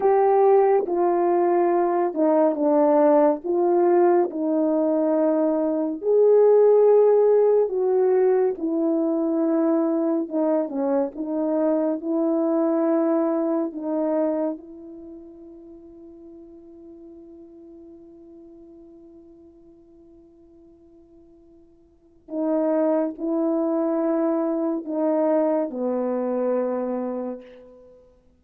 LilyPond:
\new Staff \with { instrumentName = "horn" } { \time 4/4 \tempo 4 = 70 g'4 f'4. dis'8 d'4 | f'4 dis'2 gis'4~ | gis'4 fis'4 e'2 | dis'8 cis'8 dis'4 e'2 |
dis'4 e'2.~ | e'1~ | e'2 dis'4 e'4~ | e'4 dis'4 b2 | }